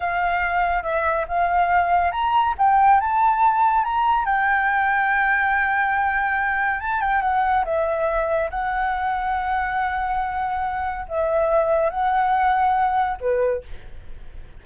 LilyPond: \new Staff \with { instrumentName = "flute" } { \time 4/4 \tempo 4 = 141 f''2 e''4 f''4~ | f''4 ais''4 g''4 a''4~ | a''4 ais''4 g''2~ | g''1 |
a''8 g''8 fis''4 e''2 | fis''1~ | fis''2 e''2 | fis''2. b'4 | }